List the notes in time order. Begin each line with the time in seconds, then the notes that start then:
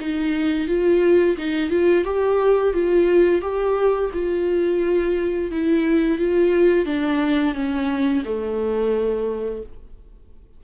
0.00 D#4
0.67 F4
1.38 D#4
1.70 F4
2.05 G4
2.74 F4
3.42 G4
4.13 F4
5.51 E4
6.18 F4
6.86 D4
7.55 C#4
8.25 A3